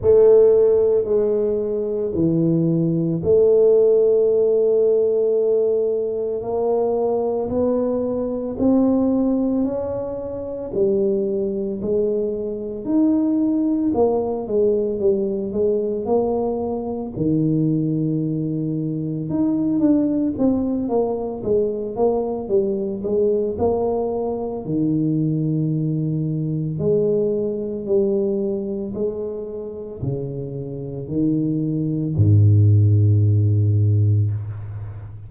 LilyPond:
\new Staff \with { instrumentName = "tuba" } { \time 4/4 \tempo 4 = 56 a4 gis4 e4 a4~ | a2 ais4 b4 | c'4 cis'4 g4 gis4 | dis'4 ais8 gis8 g8 gis8 ais4 |
dis2 dis'8 d'8 c'8 ais8 | gis8 ais8 g8 gis8 ais4 dis4~ | dis4 gis4 g4 gis4 | cis4 dis4 gis,2 | }